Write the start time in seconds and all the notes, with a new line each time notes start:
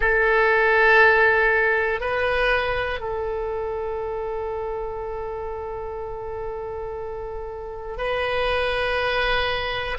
0.00 A4
2.00 B4
3.00 A4
7.97 B4